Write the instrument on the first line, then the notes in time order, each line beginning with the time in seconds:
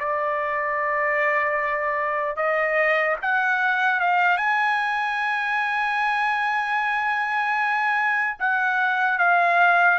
trumpet
0.00 D5
2.37 D#5
3.22 F#5
4.00 F5
4.37 G#5
8.39 F#5
9.19 F5